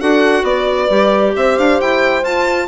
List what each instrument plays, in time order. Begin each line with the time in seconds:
0.00 bassoon D4, clarinet F#4, horn A4, violin F#5
0.43 bassoon B3, horn B4, violin D5
0.89 bassoon G3, clarinet G4
1.35 bassoon C4, horn C5, violin E5
1.58 bassoon D4, violin F5
1.81 bassoon E4, violin G5
2.23 bassoon F4, clarinet F4, violin A5